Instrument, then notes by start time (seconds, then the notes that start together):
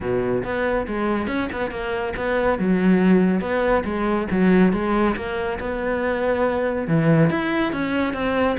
cello
0.00 B2
0.44 B3
0.87 G#3
1.27 C#4
1.52 B3
1.70 A#3
2.16 B3
2.58 F#3
3.41 B3
3.84 G#3
4.30 F#3
4.72 G#3
5.15 A#3
5.59 B3
6.87 E3
7.30 E4
7.72 C#4
8.13 C4